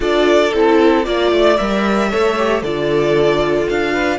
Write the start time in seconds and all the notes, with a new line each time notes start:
0.00 D4 F4 A4 D5
0.52 C4 E4 A4
1.03 A#3 F4 D5
1.31 A3
1.56 G3 A#4 E5
2.10 A3 A4 C#5
2.37 G4
2.62 D3 F4 A4 D5
3.69 D4 F5
3.92 B4